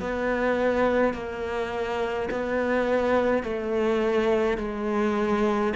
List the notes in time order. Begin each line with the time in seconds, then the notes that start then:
0.00 B3
1.14 A#3
2.31 B3
3.43 A3
4.58 G#3